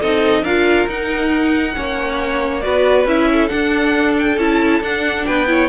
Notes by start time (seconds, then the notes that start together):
0.00 C4 D#4 A4 D#5
0.42 D4 F4 A#4 F5
0.87 D#4 F#5
1.75 A#3 C#4 C#5
2.61 B3 F#4 B4 D5
3.05 C#4 E4 E5
3.32 A4
3.49 D4 F#5
4.19 G5
4.37 C#4 E4 A5
4.81 D4 F#5
5.26 B3 B4 G5
5.47 E4 C#5